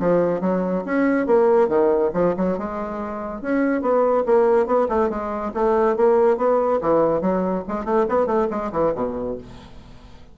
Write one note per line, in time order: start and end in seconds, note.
0.00 0.41 F3
0.41 0.84 F#3
0.86 1.27 C#4
1.27 1.69 A#3
1.69 2.11 D#3
2.14 2.35 F3
2.37 2.58 F#3
2.59 3.42 G#3
3.42 3.82 C#4
3.82 4.24 B3
4.27 4.67 A#3
4.67 4.88 B3
4.89 5.10 A3
5.10 5.52 G#3
5.54 5.97 A3
5.97 6.38 A#3
6.38 6.80 B3
6.82 7.22 E3
7.22 7.64 F#3
7.68 7.85 G#3
7.85 8.07 A3
8.09 8.27 B3
8.27 8.48 A3
8.51 8.72 G#3
8.72 8.94 E3
8.96 9.38 B2